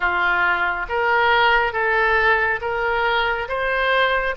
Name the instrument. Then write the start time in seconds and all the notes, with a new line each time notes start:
oboe
0.00 F4
0.89 A#4
1.72 A4
2.61 A#4
3.48 C5